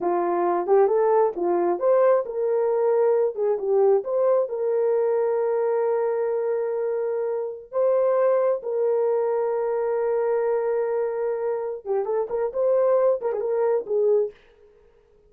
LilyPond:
\new Staff \with { instrumentName = "horn" } { \time 4/4 \tempo 4 = 134 f'4. g'8 a'4 f'4 | c''4 ais'2~ ais'8 gis'8 | g'4 c''4 ais'2~ | ais'1~ |
ais'4~ ais'16 c''2 ais'8.~ | ais'1~ | ais'2~ ais'8 g'8 a'8 ais'8 | c''4. ais'16 gis'16 ais'4 gis'4 | }